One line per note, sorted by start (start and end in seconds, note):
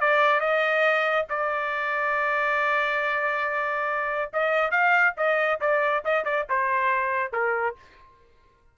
0.00 0.40 D5
0.40 1.26 D#5
1.29 4.31 D5
4.33 4.71 D#5
4.71 5.14 F5
5.17 5.60 D#5
5.60 6.04 D5
6.04 6.24 D#5
6.24 6.46 D5
6.49 7.32 C5
7.32 7.75 A#4